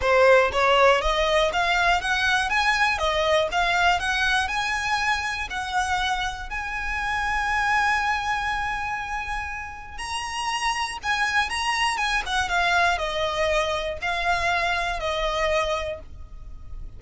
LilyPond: \new Staff \with { instrumentName = "violin" } { \time 4/4 \tempo 4 = 120 c''4 cis''4 dis''4 f''4 | fis''4 gis''4 dis''4 f''4 | fis''4 gis''2 fis''4~ | fis''4 gis''2.~ |
gis''1 | ais''2 gis''4 ais''4 | gis''8 fis''8 f''4 dis''2 | f''2 dis''2 | }